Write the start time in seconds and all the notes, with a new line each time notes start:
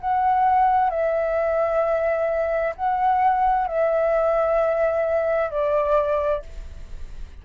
0.00 F#5
0.90 E5
2.76 F#5
3.67 E5
5.50 D5